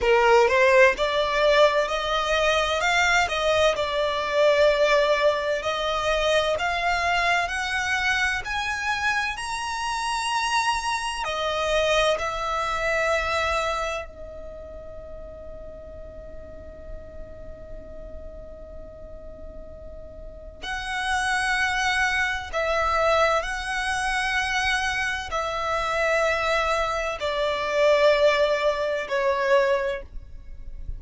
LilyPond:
\new Staff \with { instrumentName = "violin" } { \time 4/4 \tempo 4 = 64 ais'8 c''8 d''4 dis''4 f''8 dis''8 | d''2 dis''4 f''4 | fis''4 gis''4 ais''2 | dis''4 e''2 dis''4~ |
dis''1~ | dis''2 fis''2 | e''4 fis''2 e''4~ | e''4 d''2 cis''4 | }